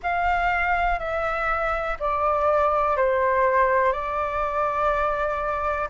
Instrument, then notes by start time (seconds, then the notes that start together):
flute
0.02 F5
0.99 E5
1.99 D5
2.96 C5
3.92 D5